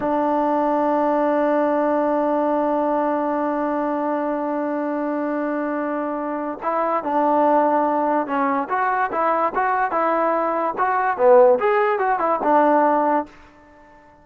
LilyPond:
\new Staff \with { instrumentName = "trombone" } { \time 4/4 \tempo 4 = 145 d'1~ | d'1~ | d'1~ | d'1 |
e'4 d'2. | cis'4 fis'4 e'4 fis'4 | e'2 fis'4 b4 | gis'4 fis'8 e'8 d'2 | }